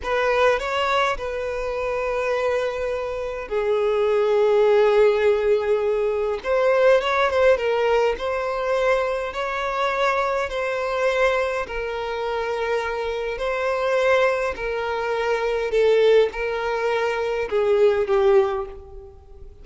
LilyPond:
\new Staff \with { instrumentName = "violin" } { \time 4/4 \tempo 4 = 103 b'4 cis''4 b'2~ | b'2 gis'2~ | gis'2. c''4 | cis''8 c''8 ais'4 c''2 |
cis''2 c''2 | ais'2. c''4~ | c''4 ais'2 a'4 | ais'2 gis'4 g'4 | }